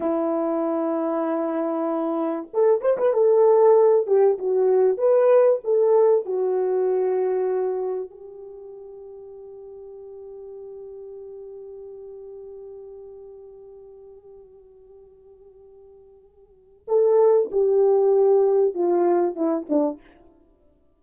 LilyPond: \new Staff \with { instrumentName = "horn" } { \time 4/4 \tempo 4 = 96 e'1 | a'8 c''16 b'16 a'4. g'8 fis'4 | b'4 a'4 fis'2~ | fis'4 g'2.~ |
g'1~ | g'1~ | g'2. a'4 | g'2 f'4 e'8 d'8 | }